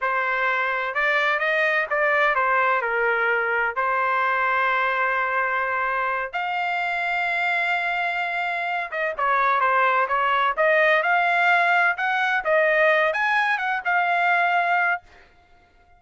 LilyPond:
\new Staff \with { instrumentName = "trumpet" } { \time 4/4 \tempo 4 = 128 c''2 d''4 dis''4 | d''4 c''4 ais'2 | c''1~ | c''4. f''2~ f''8~ |
f''2. dis''8 cis''8~ | cis''8 c''4 cis''4 dis''4 f''8~ | f''4. fis''4 dis''4. | gis''4 fis''8 f''2~ f''8 | }